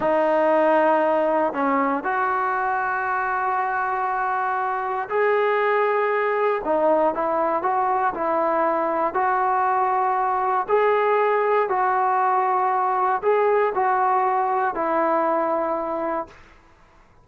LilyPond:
\new Staff \with { instrumentName = "trombone" } { \time 4/4 \tempo 4 = 118 dis'2. cis'4 | fis'1~ | fis'2 gis'2~ | gis'4 dis'4 e'4 fis'4 |
e'2 fis'2~ | fis'4 gis'2 fis'4~ | fis'2 gis'4 fis'4~ | fis'4 e'2. | }